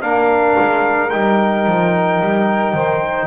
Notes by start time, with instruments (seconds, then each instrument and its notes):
0.00 double bass A#3, trombone D4, saxophone A#4, trumpet F5
0.59 double bass G#3
1.10 double bass G3, trombone D#4, trumpet G5
1.67 double bass F3
2.21 double bass G3
2.73 double bass D#3, saxophone C5